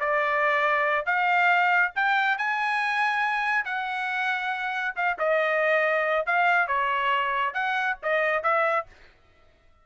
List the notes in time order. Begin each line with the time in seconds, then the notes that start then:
0.00 D5
1.06 F5
1.95 G5
2.38 G#5
3.65 F#5
4.96 F5
5.19 D#5
6.26 F5
6.68 C#5
7.54 F#5
8.03 D#5
8.43 E5